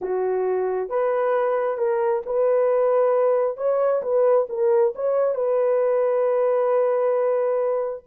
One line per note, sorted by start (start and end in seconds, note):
0.01 0.89 F#4
0.89 1.77 B4
1.77 2.22 A#4
2.26 3.57 B4
3.57 4.02 C#5
4.02 4.47 B4
4.49 4.93 A#4
4.95 5.34 C#5
5.34 8.03 B4